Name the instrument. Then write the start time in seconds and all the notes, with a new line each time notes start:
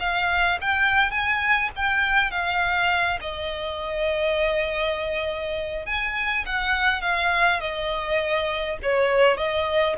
violin
0.00 F5
0.61 G5
1.11 G#5
1.76 G5
2.31 F5
3.21 D#5
5.86 G#5
6.46 F#5
7.02 F5
7.60 D#5
8.83 C#5
9.37 D#5